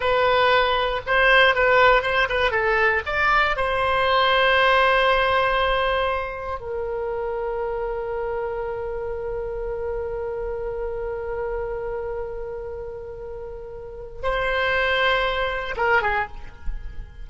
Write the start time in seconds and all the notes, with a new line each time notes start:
0.00 B4
1.06 C5
1.54 B4
2.02 C5
2.29 B4
2.51 A4
3.06 D5
3.56 C5
6.59 A#4
14.22 C5
15.76 A#4
16.01 G#4